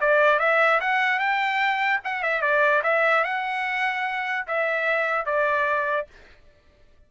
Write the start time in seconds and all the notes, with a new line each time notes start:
0.00 D5
0.39 E5
0.80 F#5
1.19 G5
2.04 F#5
2.23 E5
2.41 D5
2.83 E5
3.24 F#5
4.47 E5
5.25 D5